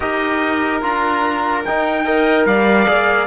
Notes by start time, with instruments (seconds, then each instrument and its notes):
0.00 cello D#4, trombone G4, violin A#4, trumpet D#5
0.81 cello D4, trombone F4, trumpet A#5
1.64 trombone D#4, cello D#4, trumpet G5
2.04 trombone A#4, violin D#5
2.45 cello G3, violin D5, trumpet F5
2.86 cello A#3, trombone G#4